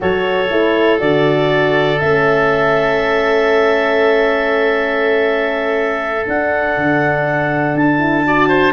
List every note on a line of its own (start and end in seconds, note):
0.00 0.50 F#3
0.00 0.49 F#4
0.00 8.26 A4
0.00 0.99 C#5
0.50 1.00 A3
0.50 0.98 E4
0.98 2.00 D3
0.98 1.98 F#4
0.98 1.99 D5
1.99 6.27 A3
1.99 6.24 C#4
1.99 6.25 E5
6.25 7.98 D4
6.25 6.76 D4
6.25 7.76 F#5
6.76 7.74 D3
7.74 8.73 D4
7.74 8.73 A5
7.98 8.23 E4
8.25 8.73 F#4
8.25 8.48 D5
8.48 8.73 C5